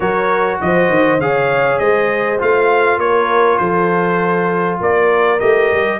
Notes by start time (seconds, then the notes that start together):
0.00 F#3 F#4 A#4 C#5
0.60 F3 C5 D#5
0.89 D#3
1.18 C#3 G#4 F5
1.24 C#5
1.79 G#3 C5 D#5
2.38 A3 F4 F5
2.97 A#3 A#4 C#5
3.58 F3 A4 C5
4.80 A#3 A#4 D5
5.39 A3 G4 D#5
5.71 G3